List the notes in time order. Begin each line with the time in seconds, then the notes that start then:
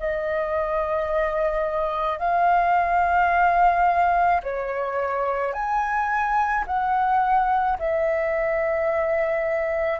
0.00 D#5
2.19 F5
4.44 C#5
5.54 G#5
6.67 F#5
7.79 E5